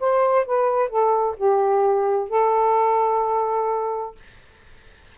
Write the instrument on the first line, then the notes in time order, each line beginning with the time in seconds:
saxophone
0.00 C5
0.45 B4
0.89 A4
1.37 G4
2.29 A4